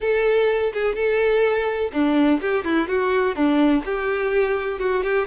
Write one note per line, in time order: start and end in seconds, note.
0.00 0.72 A4
0.73 0.95 G#4
0.95 1.91 A4
1.92 2.40 D4
2.41 2.64 G4
2.64 2.88 E4
2.88 3.35 F#4
3.35 3.83 D4
3.85 4.79 G4
4.79 5.03 F#4
5.03 5.26 G4